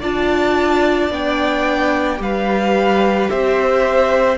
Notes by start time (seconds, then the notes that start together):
0.00 D4 F4 D5 A5
1.11 B3 D4 G5
2.17 G3 G4 B4 F5
3.30 C4 C5 E5